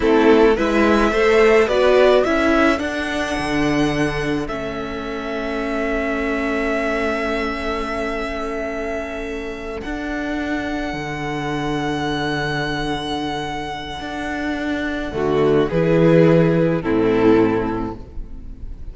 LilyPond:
<<
  \new Staff \with { instrumentName = "violin" } { \time 4/4 \tempo 4 = 107 a'4 e''2 d''4 | e''4 fis''2. | e''1~ | e''1~ |
e''4. fis''2~ fis''8~ | fis''1~ | fis''1 | b'2 a'2 | }
  \new Staff \with { instrumentName = "violin" } { \time 4/4 e'4 b'4 c''4 b'4 | a'1~ | a'1~ | a'1~ |
a'1~ | a'1~ | a'2. fis'4 | gis'2 e'2 | }
  \new Staff \with { instrumentName = "viola" } { \time 4/4 c'4 e'4 a'4 fis'4 | e'4 d'2. | cis'1~ | cis'1~ |
cis'4. d'2~ d'8~ | d'1~ | d'2. a4 | e'2 c'2 | }
  \new Staff \with { instrumentName = "cello" } { \time 4/4 a4 gis4 a4 b4 | cis'4 d'4 d2 | a1~ | a1~ |
a4. d'2 d8~ | d1~ | d4 d'2 d4 | e2 a,2 | }
>>